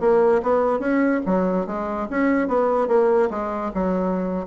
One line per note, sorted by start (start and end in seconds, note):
0.00 0.41 A#3
0.42 0.79 B3
0.79 1.21 C#4
1.26 1.66 F#3
1.66 2.08 G#3
2.10 2.48 C#4
2.48 2.88 B3
2.88 3.29 A#3
3.30 3.71 G#3
3.74 4.47 F#3